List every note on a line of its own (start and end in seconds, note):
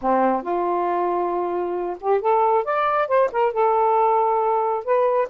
0.01 0.42 C4
0.42 1.96 F4
2.00 2.21 G4
2.21 2.64 A4
2.64 3.08 D5
3.08 3.30 C5
3.32 3.53 A#4
3.53 4.84 A4
4.84 5.28 B4